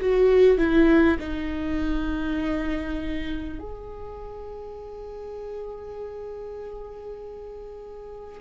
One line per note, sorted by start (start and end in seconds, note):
0.00 0.58 F#4
0.58 1.18 E4
1.19 3.59 D#4
3.59 8.39 G#4